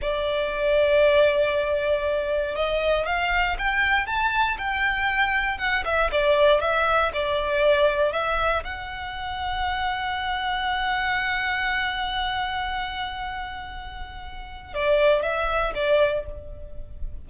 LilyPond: \new Staff \with { instrumentName = "violin" } { \time 4/4 \tempo 4 = 118 d''1~ | d''4 dis''4 f''4 g''4 | a''4 g''2 fis''8 e''8 | d''4 e''4 d''2 |
e''4 fis''2.~ | fis''1~ | fis''1~ | fis''4 d''4 e''4 d''4 | }